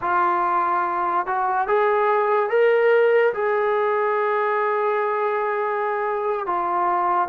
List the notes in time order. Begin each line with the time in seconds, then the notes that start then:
0.01 F4
1.26 F#4
1.67 G#4
2.49 A#4
3.33 G#4
6.46 F4